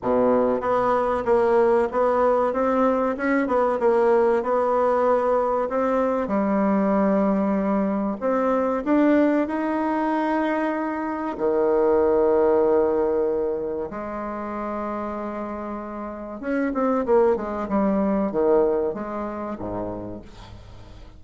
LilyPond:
\new Staff \with { instrumentName = "bassoon" } { \time 4/4 \tempo 4 = 95 b,4 b4 ais4 b4 | c'4 cis'8 b8 ais4 b4~ | b4 c'4 g2~ | g4 c'4 d'4 dis'4~ |
dis'2 dis2~ | dis2 gis2~ | gis2 cis'8 c'8 ais8 gis8 | g4 dis4 gis4 gis,4 | }